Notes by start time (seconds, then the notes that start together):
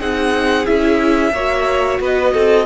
0.00 C4 D#4 G#4 F#5
0.66 C#4 E4 E5
1.33 A#3 F#4 C#5
2.00 B3 B4 D#5
2.34 C4 A4